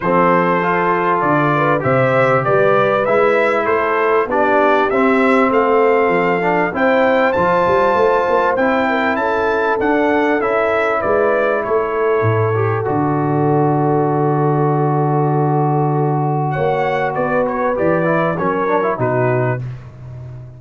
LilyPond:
<<
  \new Staff \with { instrumentName = "trumpet" } { \time 4/4 \tempo 4 = 98 c''2 d''4 e''4 | d''4 e''4 c''4 d''4 | e''4 f''2 g''4 | a''2 g''4 a''4 |
fis''4 e''4 d''4 cis''4~ | cis''4 d''2.~ | d''2. fis''4 | d''8 cis''8 d''4 cis''4 b'4 | }
  \new Staff \with { instrumentName = "horn" } { \time 4/4 a'2~ a'8 b'8 c''4 | b'2 a'4 g'4~ | g'4 a'2 c''4~ | c''2~ c''8 ais'8 a'4~ |
a'2 b'4 a'4~ | a'1~ | a'2. cis''4 | b'2 ais'4 fis'4 | }
  \new Staff \with { instrumentName = "trombone" } { \time 4/4 c'4 f'2 g'4~ | g'4 e'2 d'4 | c'2~ c'8 d'8 e'4 | f'2 e'2 |
d'4 e'2.~ | e'8 g'8 fis'2.~ | fis'1~ | fis'4 g'8 e'8 cis'8 d'16 e'16 dis'4 | }
  \new Staff \with { instrumentName = "tuba" } { \time 4/4 f2 d4 c4 | g4 gis4 a4 b4 | c'4 a4 f4 c'4 | f8 g8 a8 ais8 c'4 cis'4 |
d'4 cis'4 gis4 a4 | a,4 d2.~ | d2. ais4 | b4 e4 fis4 b,4 | }
>>